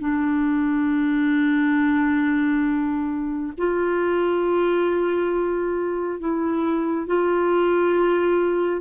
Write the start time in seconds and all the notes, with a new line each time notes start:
0.00 D4
3.58 F4
6.20 E4
7.07 F4